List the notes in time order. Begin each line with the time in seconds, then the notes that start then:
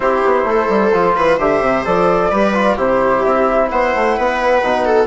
0.00 C4 E4 G4 C5
0.24 B3
0.44 A3 A4
0.68 G3
0.93 F3 F4
1.16 E3 B4
1.37 D3 G4 C5 E5
1.61 C3
1.85 F3 A4 D5
2.30 G3 G4 B4
2.54 F4
2.75 C3 E4 G4 C5
3.23 C4 E5
3.69 B3 C5 F#5
3.95 A3
4.16 B3 B4
4.62 B2 D#4
4.85 A4